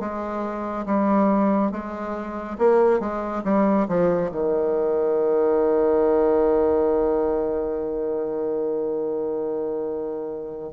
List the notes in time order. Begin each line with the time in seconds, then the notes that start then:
0.00 G#3
0.86 G3
1.71 G#3
2.58 A#3
3.00 G#3
3.44 G3
3.88 F3
4.31 D#3